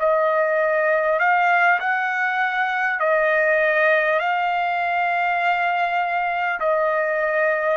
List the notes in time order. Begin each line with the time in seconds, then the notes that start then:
0.00 D#5
1.19 F5
1.79 F#5
3.00 D#5
4.19 F5
6.59 D#5